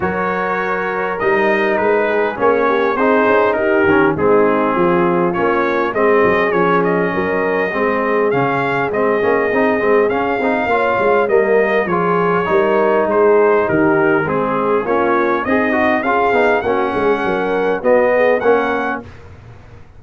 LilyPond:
<<
  \new Staff \with { instrumentName = "trumpet" } { \time 4/4 \tempo 4 = 101 cis''2 dis''4 b'4 | cis''4 c''4 ais'4 gis'4~ | gis'4 cis''4 dis''4 cis''8 dis''8~ | dis''2 f''4 dis''4~ |
dis''4 f''2 dis''4 | cis''2 c''4 ais'4 | gis'4 cis''4 dis''4 f''4 | fis''2 dis''4 fis''4 | }
  \new Staff \with { instrumentName = "horn" } { \time 4/4 ais'2.~ ais'8 gis'8~ | gis'8 g'8 gis'4 g'4 dis'4 | f'2 gis'2 | ais'4 gis'2.~ |
gis'2 cis''4 ais'4 | gis'4 ais'4 gis'4 g'4 | gis'4 f'4 dis'4 gis'4 | fis'8 gis'8 ais'4 fis'8 gis'8 ais'4 | }
  \new Staff \with { instrumentName = "trombone" } { \time 4/4 fis'2 dis'2 | cis'4 dis'4. cis'8 c'4~ | c'4 cis'4 c'4 cis'4~ | cis'4 c'4 cis'4 c'8 cis'8 |
dis'8 c'8 cis'8 dis'8 f'4 ais4 | f'4 dis'2. | c'4 cis'4 gis'8 fis'8 f'8 dis'8 | cis'2 b4 cis'4 | }
  \new Staff \with { instrumentName = "tuba" } { \time 4/4 fis2 g4 gis4 | ais4 c'8 cis'8 dis'8 dis8 gis4 | f4 ais4 gis8 fis8 f4 | fis4 gis4 cis4 gis8 ais8 |
c'8 gis8 cis'8 c'8 ais8 gis8 g4 | f4 g4 gis4 dis4 | gis4 ais4 c'4 cis'8 b8 | ais8 gis8 fis4 b4 ais4 | }
>>